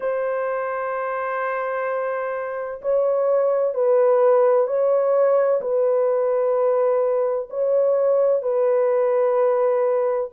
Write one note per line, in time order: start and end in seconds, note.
0.00 2.81 C5
2.81 3.74 C#5
3.74 4.67 B4
4.67 5.60 C#5
5.61 7.48 B4
7.50 8.42 C#5
8.42 10.30 B4